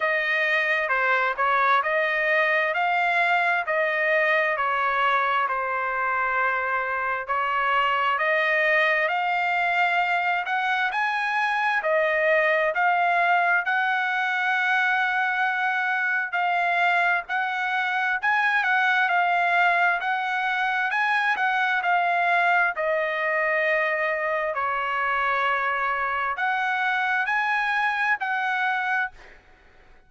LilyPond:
\new Staff \with { instrumentName = "trumpet" } { \time 4/4 \tempo 4 = 66 dis''4 c''8 cis''8 dis''4 f''4 | dis''4 cis''4 c''2 | cis''4 dis''4 f''4. fis''8 | gis''4 dis''4 f''4 fis''4~ |
fis''2 f''4 fis''4 | gis''8 fis''8 f''4 fis''4 gis''8 fis''8 | f''4 dis''2 cis''4~ | cis''4 fis''4 gis''4 fis''4 | }